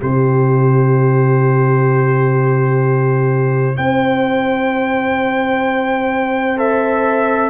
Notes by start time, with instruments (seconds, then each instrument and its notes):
0.00 tuba C3, trombone E4, horn G4, trumpet C5
3.77 tuba C4, horn C5, trumpet G5
6.56 trombone A4, trumpet E5